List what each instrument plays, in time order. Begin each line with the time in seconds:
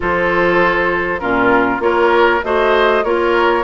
0.00 bassoon F3, clarinet F4, oboe A4, flute C5
1.19 bassoon A#2, clarinet C#4, oboe F4, flute A#4
1.79 bassoon A#3, clarinet F4, oboe A#4, flute C#5
2.43 bassoon A3, clarinet F#4, oboe C5, flute D#5
3.04 bassoon A#3, clarinet F4, oboe A#4, flute C#5